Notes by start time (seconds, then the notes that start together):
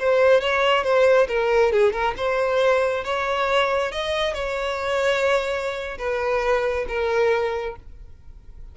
0.00 C5
0.42 C#5
0.84 C5
1.29 A#4
1.73 G#4
1.93 A#4
2.18 C5
3.05 C#5
3.92 D#5
4.34 C#5
5.99 B4
6.89 A#4